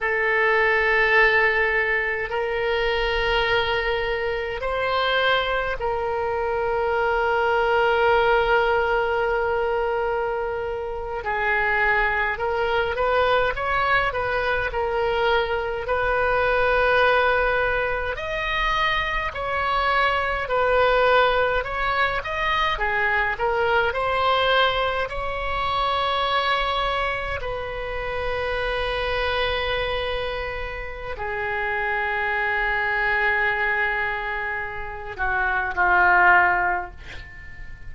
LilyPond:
\new Staff \with { instrumentName = "oboe" } { \time 4/4 \tempo 4 = 52 a'2 ais'2 | c''4 ais'2.~ | ais'4.~ ais'16 gis'4 ais'8 b'8 cis''16~ | cis''16 b'8 ais'4 b'2 dis''16~ |
dis''8. cis''4 b'4 cis''8 dis''8 gis'16~ | gis'16 ais'8 c''4 cis''2 b'16~ | b'2. gis'4~ | gis'2~ gis'8 fis'8 f'4 | }